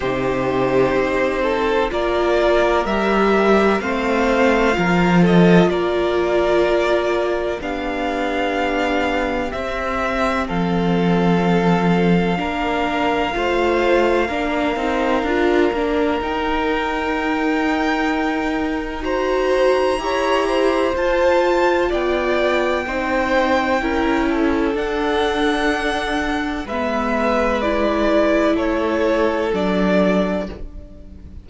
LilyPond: <<
  \new Staff \with { instrumentName = "violin" } { \time 4/4 \tempo 4 = 63 c''2 d''4 e''4 | f''4. dis''8 d''2 | f''2 e''4 f''4~ | f''1~ |
f''4 g''2. | ais''2 a''4 g''4~ | g''2 fis''2 | e''4 d''4 cis''4 d''4 | }
  \new Staff \with { instrumentName = "violin" } { \time 4/4 g'4. a'8 ais'2 | c''4 ais'8 a'8 ais'2 | g'2. a'4~ | a'4 ais'4 c''4 ais'4~ |
ais'1 | c''4 cis''8 c''4. d''4 | c''4 ais'8 a'2~ a'8 | b'2 a'2 | }
  \new Staff \with { instrumentName = "viola" } { \time 4/4 dis'2 f'4 g'4 | c'4 f'2. | d'2 c'2~ | c'4 d'4 f'4 d'8 dis'8 |
f'8 d'8 dis'2. | fis'4 g'4 f'2 | dis'4 e'4 d'2 | b4 e'2 d'4 | }
  \new Staff \with { instrumentName = "cello" } { \time 4/4 c4 c'4 ais4 g4 | a4 f4 ais2 | b2 c'4 f4~ | f4 ais4 a4 ais8 c'8 |
d'8 ais8 dis'2.~ | dis'4 e'4 f'4 b4 | c'4 cis'4 d'2 | gis2 a4 fis4 | }
>>